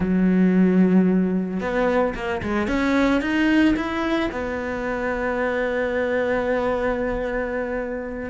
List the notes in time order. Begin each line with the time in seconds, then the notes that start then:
0.00 F#3
1.60 B3
2.15 A#3
2.42 G#3
2.67 C#4
3.21 D#4
3.76 E4
4.31 B3